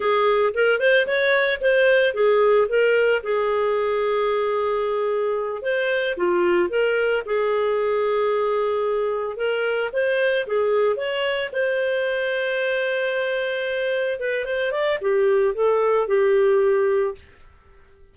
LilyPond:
\new Staff \with { instrumentName = "clarinet" } { \time 4/4 \tempo 4 = 112 gis'4 ais'8 c''8 cis''4 c''4 | gis'4 ais'4 gis'2~ | gis'2~ gis'8 c''4 f'8~ | f'8 ais'4 gis'2~ gis'8~ |
gis'4. ais'4 c''4 gis'8~ | gis'8 cis''4 c''2~ c''8~ | c''2~ c''8 b'8 c''8 d''8 | g'4 a'4 g'2 | }